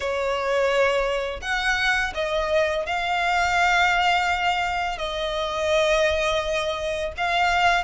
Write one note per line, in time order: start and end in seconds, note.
0.00 1.40 C#5
1.41 2.13 F#5
2.14 2.85 D#5
2.85 4.98 F5
4.98 7.12 D#5
7.17 7.84 F5